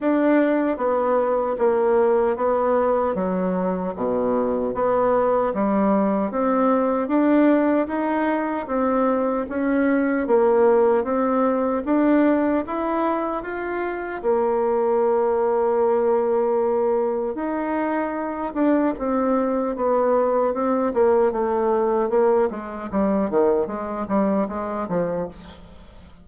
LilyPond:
\new Staff \with { instrumentName = "bassoon" } { \time 4/4 \tempo 4 = 76 d'4 b4 ais4 b4 | fis4 b,4 b4 g4 | c'4 d'4 dis'4 c'4 | cis'4 ais4 c'4 d'4 |
e'4 f'4 ais2~ | ais2 dis'4. d'8 | c'4 b4 c'8 ais8 a4 | ais8 gis8 g8 dis8 gis8 g8 gis8 f8 | }